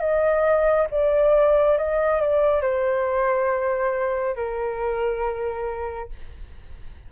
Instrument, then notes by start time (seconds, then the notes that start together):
flute
0.00 D#5
0.91 D5
1.77 D#5
2.21 D5
2.61 C5
4.35 A#4